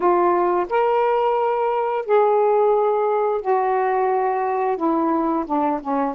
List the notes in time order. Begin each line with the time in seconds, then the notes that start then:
0.00 F4
0.69 A#4
2.05 G#4
3.41 F#4
4.76 E4
5.46 D4
5.81 C#4